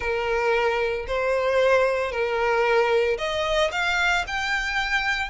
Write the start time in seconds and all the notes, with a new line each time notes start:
0.00 A#4
1.07 C5
2.11 A#4
3.17 D#5
3.71 F5
4.27 G5